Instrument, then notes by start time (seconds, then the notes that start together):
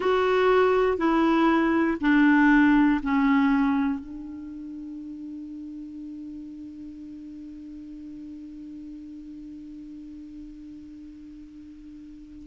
clarinet
0.00 F#4
0.97 E4
2.00 D4
3.02 C#4
4.00 D4